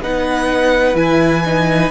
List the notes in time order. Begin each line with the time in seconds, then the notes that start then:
0.00 B3 D#4 B4 F#5
0.94 E3 E4 G#5
1.45 D#4